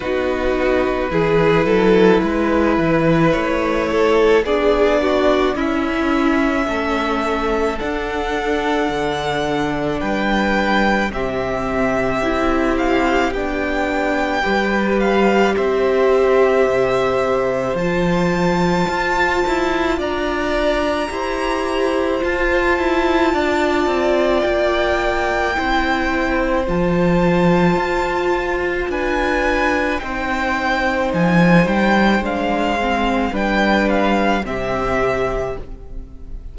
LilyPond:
<<
  \new Staff \with { instrumentName = "violin" } { \time 4/4 \tempo 4 = 54 b'2. cis''4 | d''4 e''2 fis''4~ | fis''4 g''4 e''4. f''8 | g''4. f''8 e''2 |
a''2 ais''2 | a''2 g''2 | a''2 gis''4 g''4 | gis''8 g''8 f''4 g''8 f''8 e''4 | }
  \new Staff \with { instrumentName = "violin" } { \time 4/4 fis'4 gis'8 a'8 b'4. a'8 | gis'8 fis'8 e'4 a'2~ | a'4 b'4 g'2~ | g'4 b'4 c''2~ |
c''2 d''4 c''4~ | c''4 d''2 c''4~ | c''2 b'4 c''4~ | c''2 b'4 g'4 | }
  \new Staff \with { instrumentName = "viola" } { \time 4/4 dis'4 e'2. | d'4 cis'2 d'4~ | d'2 c'4 e'4 | d'4 g'2. |
f'2. g'4 | f'2. e'4 | f'2. dis'4~ | dis'4 d'8 c'8 d'4 c'4 | }
  \new Staff \with { instrumentName = "cello" } { \time 4/4 b4 e8 fis8 gis8 e8 a4 | b4 cis'4 a4 d'4 | d4 g4 c4 c'4 | b4 g4 c'4 c4 |
f4 f'8 e'8 d'4 e'4 | f'8 e'8 d'8 c'8 ais4 c'4 | f4 f'4 d'4 c'4 | f8 g8 gis4 g4 c4 | }
>>